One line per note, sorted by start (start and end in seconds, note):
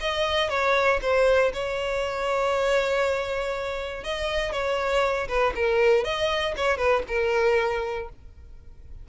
0.00 0.49 D#5
0.49 1.00 C#5
1.02 1.52 C5
1.53 4.04 C#5
4.04 4.52 D#5
4.52 5.28 C#5
5.28 5.53 B4
5.55 6.04 A#4
6.04 6.55 D#5
6.57 6.77 C#5
6.77 7.03 B4
7.08 8.09 A#4